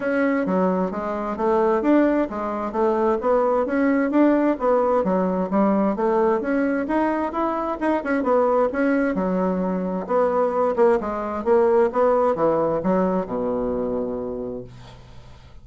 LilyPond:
\new Staff \with { instrumentName = "bassoon" } { \time 4/4 \tempo 4 = 131 cis'4 fis4 gis4 a4 | d'4 gis4 a4 b4 | cis'4 d'4 b4 fis4 | g4 a4 cis'4 dis'4 |
e'4 dis'8 cis'8 b4 cis'4 | fis2 b4. ais8 | gis4 ais4 b4 e4 | fis4 b,2. | }